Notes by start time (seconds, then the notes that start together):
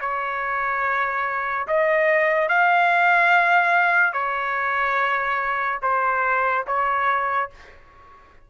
0.00 C#5
1.67 D#5
2.48 F5
4.12 C#5
5.82 C5
6.67 C#5